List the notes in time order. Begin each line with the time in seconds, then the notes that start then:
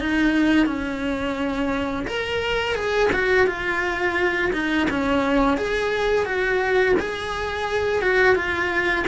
0.00 D#4
0.66 C#4
2.07 A#4
2.75 G#4
3.13 F#4
3.47 F4
4.53 D#4
4.91 C#4
5.58 G#4
6.26 F#4
7.00 G#4
8.02 F#4
8.36 F4